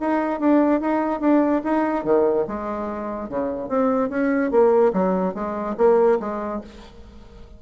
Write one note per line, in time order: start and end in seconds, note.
0.00 0.39 D#4
0.39 0.81 D4
0.81 1.20 D#4
1.20 1.62 D4
1.64 2.04 D#4
2.04 2.46 D#3
2.47 3.29 G#3
3.29 3.68 C#3
3.68 4.09 C4
4.09 4.51 C#4
4.51 4.92 A#3
4.93 5.34 F#3
5.34 5.76 G#3
5.77 6.19 A#3
6.20 6.61 G#3